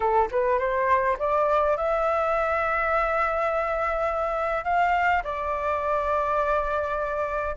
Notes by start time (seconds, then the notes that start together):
0.00 A4
0.31 B4
0.58 C5
1.18 D5
1.76 E5
4.64 F5
5.23 D5